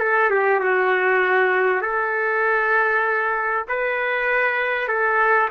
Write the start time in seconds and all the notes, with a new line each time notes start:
0.00 A4
0.31 G4
0.60 F#4
1.82 A4
3.69 B4
4.88 A4